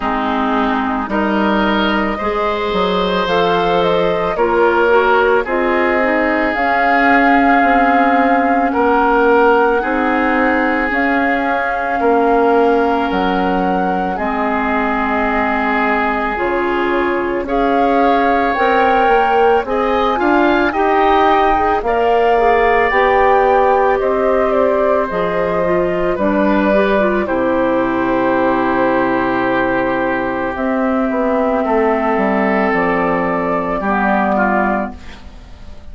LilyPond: <<
  \new Staff \with { instrumentName = "flute" } { \time 4/4 \tempo 4 = 55 gis'4 dis''2 f''8 dis''8 | cis''4 dis''4 f''2 | fis''2 f''2 | fis''4 dis''2 cis''4 |
f''4 g''4 gis''4 g''4 | f''4 g''4 dis''8 d''8 dis''4 | d''4 c''2. | e''2 d''2 | }
  \new Staff \with { instrumentName = "oboe" } { \time 4/4 dis'4 ais'4 c''2 | ais'4 gis'2. | ais'4 gis'2 ais'4~ | ais'4 gis'2. |
cis''2 dis''8 f''8 dis''4 | d''2 c''2 | b'4 g'2.~ | g'4 a'2 g'8 f'8 | }
  \new Staff \with { instrumentName = "clarinet" } { \time 4/4 c'4 dis'4 gis'4 a'4 | f'8 fis'8 f'8 dis'8 cis'2~ | cis'4 dis'4 cis'2~ | cis'4 c'2 f'4 |
gis'4 ais'4 gis'8 f'8 g'8. gis'16 | ais'8 gis'8 g'2 gis'8 f'8 | d'8 g'16 f'16 e'2. | c'2. b4 | }
  \new Staff \with { instrumentName = "bassoon" } { \time 4/4 gis4 g4 gis8 fis8 f4 | ais4 c'4 cis'4 c'4 | ais4 c'4 cis'4 ais4 | fis4 gis2 cis4 |
cis'4 c'8 ais8 c'8 d'8 dis'4 | ais4 b4 c'4 f4 | g4 c2. | c'8 b8 a8 g8 f4 g4 | }
>>